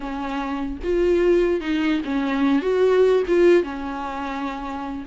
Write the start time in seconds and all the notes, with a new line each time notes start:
0.00 C#4
0.83 F4
1.60 D#4
2.05 C#4
2.62 F#4
3.27 F4
3.63 C#4